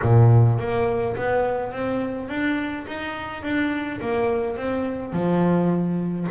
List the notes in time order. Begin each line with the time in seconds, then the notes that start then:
0.01 A#2
0.58 A#3
1.16 B3
1.72 C4
2.28 D4
2.87 D#4
3.42 D4
4.00 A#3
4.56 C4
5.12 F3